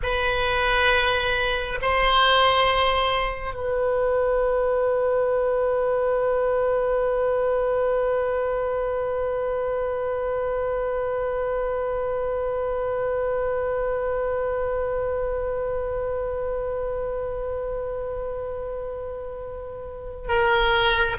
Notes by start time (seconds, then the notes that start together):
0.02 B4
1.81 C5
3.54 B4
20.28 A#4